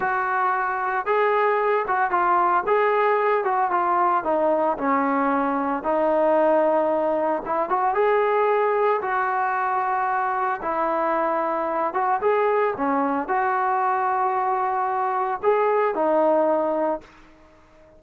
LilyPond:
\new Staff \with { instrumentName = "trombone" } { \time 4/4 \tempo 4 = 113 fis'2 gis'4. fis'8 | f'4 gis'4. fis'8 f'4 | dis'4 cis'2 dis'4~ | dis'2 e'8 fis'8 gis'4~ |
gis'4 fis'2. | e'2~ e'8 fis'8 gis'4 | cis'4 fis'2.~ | fis'4 gis'4 dis'2 | }